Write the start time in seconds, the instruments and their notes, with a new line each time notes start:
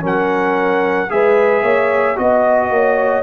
0.00 tuba F#3, trombone C#4, horn A#4
0.06 trumpet F#5
1.09 tuba G#3, trombone G#4, horn B4, trumpet E5
1.62 tuba A#3, horn C#5
2.15 tuba B3, trombone F#4, horn D#5, trumpet D#5
2.70 tuba A#3, horn C#5